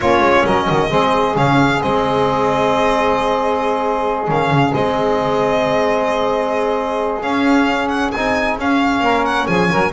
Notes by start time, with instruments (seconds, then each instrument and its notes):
0.00 double bass A#3, trombone C#4, saxophone F4, violin C#5
0.20 double bass G#3
0.45 double bass F#3, saxophone A#4, violin D#5
0.64 double bass D#3, saxophone F#4
0.89 double bass G#3, trombone C4, saxophone G#4
1.35 double bass C#3, trombone C#4, violin F5
1.81 double bass G#3, trombone C4, violin D#5
4.26 double bass D#3, trombone C#4, violin F5
4.50 double bass C#3
4.74 double bass G#3, trombone C4, violin D#5
7.21 trombone C#4, double bass C#4, violin F5
7.88 violin F#5
8.11 double bass C4, trombone D#4, violin G#5
8.57 double bass C#4, trombone C#4, violin F5
9.00 double bass A#3, saxophone A#4
9.25 violin F#5
9.47 double bass F3, saxophone G#4, violin G#5
9.70 double bass F#3, saxophone A#4